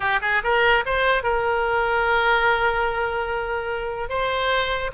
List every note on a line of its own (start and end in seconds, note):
0.00 0.20 G4
0.21 0.42 G#4
0.43 0.84 A#4
0.85 1.23 C5
1.23 4.09 A#4
4.09 4.91 C5